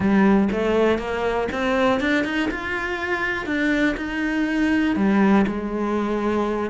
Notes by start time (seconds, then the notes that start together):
0.00 G3
0.52 A3
0.98 A#3
1.52 C4
2.00 D4
2.24 D#4
2.50 F4
3.46 D4
3.96 D#4
4.96 G3
5.47 G#3